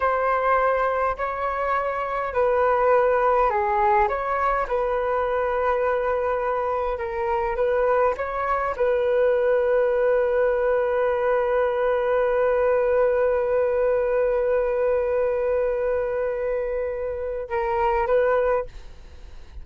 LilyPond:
\new Staff \with { instrumentName = "flute" } { \time 4/4 \tempo 4 = 103 c''2 cis''2 | b'2 gis'4 cis''4 | b'1 | ais'4 b'4 cis''4 b'4~ |
b'1~ | b'1~ | b'1~ | b'2 ais'4 b'4 | }